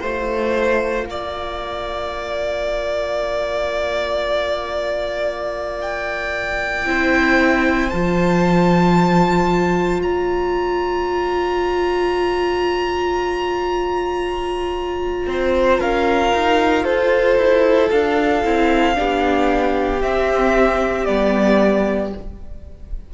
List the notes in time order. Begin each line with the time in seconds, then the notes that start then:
0.00 A3 F4 C5 F5
1.06 A#3 D5
5.81 G5
6.85 C4 E4 C5
7.89 F3 F4 A5
10.01 A#3 C#5 A#5
15.27 C4 C5
15.80 C#4 A#4 F5
16.33 D#4
16.84 F4 A4 C5
17.37 E4
17.91 D4 F5
18.44 C4 E4
18.95 B3 D4 G4
20.01 C4 E5
21.05 G3 B3 D5